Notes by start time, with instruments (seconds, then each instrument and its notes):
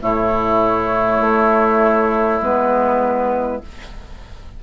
0.00 bassoon A2, clarinet A3, oboe E4, flute C#5
1.21 bassoon A3
2.41 bassoon G#3, clarinet B3, flute B4